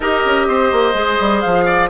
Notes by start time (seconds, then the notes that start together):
0.00 D#4 G4 A#4 D#5
0.25 C#4
0.47 C4 C5
0.72 A#3
0.94 G#3 G#4
1.19 G3
1.41 F3 F5
1.65 D5